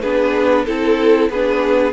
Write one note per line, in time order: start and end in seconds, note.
0.00 0.66 B3
0.00 0.66 D4
0.00 0.64 G#4
0.00 0.64 B4
0.64 1.29 C4
0.64 1.30 E4
0.64 1.28 A4
0.64 1.30 A4
1.29 1.92 B3
1.29 1.92 D4
1.29 1.92 G#4
1.29 1.92 B4